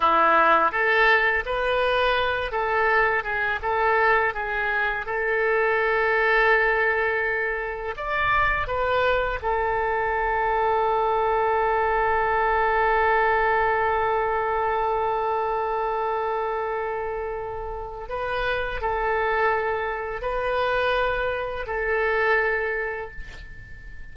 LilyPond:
\new Staff \with { instrumentName = "oboe" } { \time 4/4 \tempo 4 = 83 e'4 a'4 b'4. a'8~ | a'8 gis'8 a'4 gis'4 a'4~ | a'2. d''4 | b'4 a'2.~ |
a'1~ | a'1~ | a'4 b'4 a'2 | b'2 a'2 | }